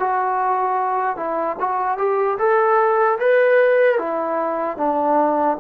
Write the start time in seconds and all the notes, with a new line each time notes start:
0.00 F#4
1.17 E4
1.60 F#4
1.97 G4
2.39 A4
3.19 B4
3.99 E4
4.77 D4